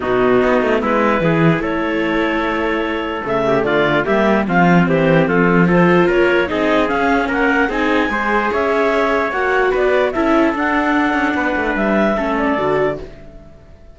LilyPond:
<<
  \new Staff \with { instrumentName = "clarinet" } { \time 4/4 \tempo 4 = 148 fis'2 b'2 | cis''1 | e''4 d''4 e''4 f''4 | c''4 a'4 c''4 cis''4 |
dis''4 f''4 fis''4 gis''4~ | gis''4 e''2 fis''4 | d''4 e''4 fis''2~ | fis''4 e''4. d''4. | }
  \new Staff \with { instrumentName = "trumpet" } { \time 4/4 dis'2 e'4 gis'4 | a'1~ | a'8 g'8 f'4 g'4 f'4 | g'4 f'4 a'4 ais'4 |
gis'2 ais'4 gis'4 | c''4 cis''2. | b'4 a'2. | b'2 a'2 | }
  \new Staff \with { instrumentName = "viola" } { \time 4/4 b2. e'4~ | e'1 | a2 ais4 c'4~ | c'2 f'2 |
dis'4 cis'2 dis'4 | gis'2. fis'4~ | fis'4 e'4 d'2~ | d'2 cis'4 fis'4 | }
  \new Staff \with { instrumentName = "cello" } { \time 4/4 b,4 b8 a8 gis4 e4 | a1 | cis4 d4 g4 f4 | e4 f2 ais4 |
c'4 cis'4 ais4 c'4 | gis4 cis'2 ais4 | b4 cis'4 d'4. cis'8 | b8 a8 g4 a4 d4 | }
>>